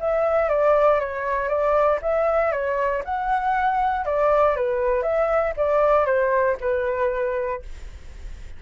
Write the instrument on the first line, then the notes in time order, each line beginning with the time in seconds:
flute
0.00 E5
0.49 D5
1.00 C#5
1.49 D5
2.02 E5
2.52 C#5
3.05 F#5
4.06 D5
4.56 B4
5.03 E5
5.57 D5
6.06 C5
6.61 B4